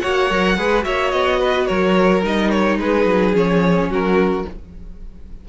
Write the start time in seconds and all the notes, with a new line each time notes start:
0.00 A#3 F#4 C#5 F#5
0.30 F#3 A#4
0.57 G#3 G#4 B4
0.82 A#3 F#4 C#5 E5
1.11 B3 D#5
1.40 B4
1.66 F#3 A#4 C#5
2.23 G3 D#4 D#5
2.50 C#5
2.78 G#3 G#4 B4
3.06 F#3
3.33 F3 C#4 C#5
3.89 F#3 F#4 A#4